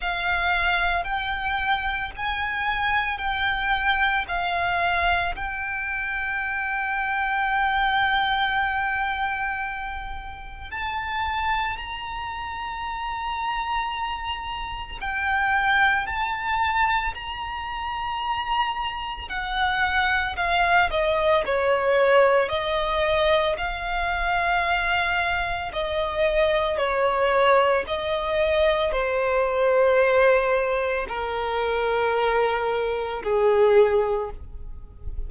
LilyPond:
\new Staff \with { instrumentName = "violin" } { \time 4/4 \tempo 4 = 56 f''4 g''4 gis''4 g''4 | f''4 g''2.~ | g''2 a''4 ais''4~ | ais''2 g''4 a''4 |
ais''2 fis''4 f''8 dis''8 | cis''4 dis''4 f''2 | dis''4 cis''4 dis''4 c''4~ | c''4 ais'2 gis'4 | }